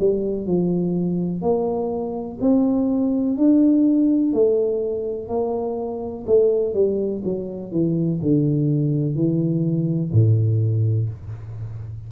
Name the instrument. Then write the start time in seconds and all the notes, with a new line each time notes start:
tuba
0.00 G3
0.47 F3
1.42 A#3
2.41 C4
3.38 D4
4.34 A3
5.29 A#3
6.27 A3
6.74 G3
7.24 F#3
7.72 E3
8.22 D3
9.15 E3
10.13 A2